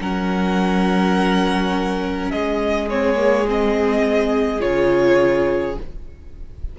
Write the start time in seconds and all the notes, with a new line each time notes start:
0.00 F#3 C#4 A#4 F#5
2.31 G#3 G#4 D#5
2.89 C4 C#5
3.15 A#3
3.47 C4 D#5
4.60 C#3 F4 C#5